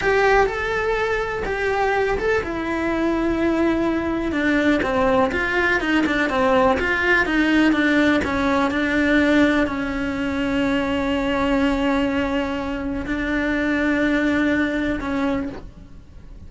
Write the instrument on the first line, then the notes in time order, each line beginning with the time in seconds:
cello
0.01 G4
0.46 A4
1.45 G4
2.18 A4
2.43 E4
4.32 D4
4.83 C4
5.32 F4
5.80 D#4
6.06 D4
6.29 C4
6.79 F4
7.25 D#4
7.72 D4
8.24 C#4
8.70 D4
9.66 C#4
13.06 D4
15.00 C#4